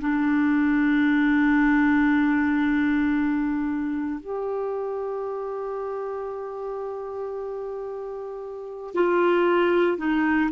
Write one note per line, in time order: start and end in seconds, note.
0.00 4.20 D4
4.20 8.94 G4
8.94 9.97 F4
9.97 10.50 D#4